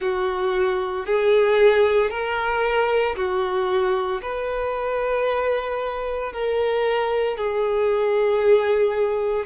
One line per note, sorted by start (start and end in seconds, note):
0.00 1.05 F#4
1.05 2.10 G#4
2.10 3.15 A#4
3.16 4.21 F#4
4.22 6.32 B4
6.33 7.37 A#4
7.37 9.45 G#4